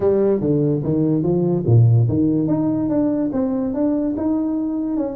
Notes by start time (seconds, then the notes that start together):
0.00 G3
0.40 D3
0.83 D#3
1.22 F3
1.66 A#2
2.08 D#3
2.47 D#4
2.89 D4
3.32 C4
3.74 D4
4.16 D#4
4.96 C#4